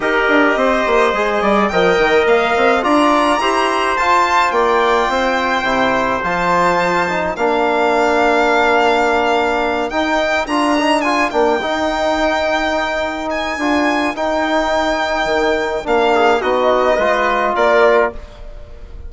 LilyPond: <<
  \new Staff \with { instrumentName = "violin" } { \time 4/4 \tempo 4 = 106 dis''2. g''4 | f''4 ais''2 a''4 | g''2. a''4~ | a''4 f''2.~ |
f''4. g''4 ais''4 gis''8 | g''2.~ g''8 gis''8~ | gis''4 g''2. | f''4 dis''2 d''4 | }
  \new Staff \with { instrumentName = "trumpet" } { \time 4/4 ais'4 c''4. d''8 dis''4~ | dis''4 d''4 c''2 | d''4 c''2.~ | c''4 ais'2.~ |
ais'1~ | ais'1~ | ais'1~ | ais'8 gis'8 fis'4 b'4 ais'4 | }
  \new Staff \with { instrumentName = "trombone" } { \time 4/4 g'2 gis'4 ais'4~ | ais'4 f'4 g'4 f'4~ | f'2 e'4 f'4~ | f'8 dis'8 d'2.~ |
d'4. dis'4 f'8 dis'8 f'8 | d'8 dis'2.~ dis'8 | f'4 dis'2. | d'4 dis'4 f'2 | }
  \new Staff \with { instrumentName = "bassoon" } { \time 4/4 dis'8 d'8 c'8 ais8 gis8 g8 f8 dis8 | ais8 c'8 d'4 e'4 f'4 | ais4 c'4 c4 f4~ | f4 ais2.~ |
ais4. dis'4 d'4. | ais8 dis'2.~ dis'8 | d'4 dis'2 dis4 | ais4 b4 gis4 ais4 | }
>>